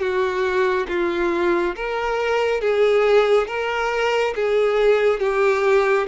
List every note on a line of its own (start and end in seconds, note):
0.00 0.87 F#4
0.88 1.75 F4
1.76 2.61 A#4
2.61 3.47 G#4
3.47 4.34 A#4
4.35 5.20 G#4
5.20 6.07 G4